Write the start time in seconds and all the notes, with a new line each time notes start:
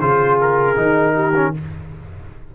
0.00 C#3 F4 G#4 C5
0.41 A#4
0.76 D#3 D#4
1.15 G4
1.35 C#4